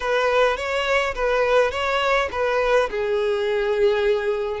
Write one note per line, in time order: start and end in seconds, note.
0.00 0.56 B4
0.56 1.14 C#5
1.14 1.71 B4
1.71 2.28 C#5
2.31 2.89 B4
2.90 4.60 G#4